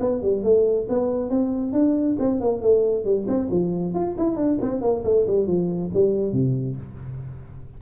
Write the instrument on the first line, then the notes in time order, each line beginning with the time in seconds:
tuba
0.00 B3
0.22 G3
0.43 A3
0.89 B3
1.30 C4
1.73 D4
2.19 C4
2.40 A#3
2.61 A3
3.04 G3
3.27 C4
3.50 F3
3.94 F4
4.18 E4
4.36 D4
4.61 C4
4.81 A#3
5.04 A3
5.26 G3
5.47 F3
5.93 G3
6.32 C3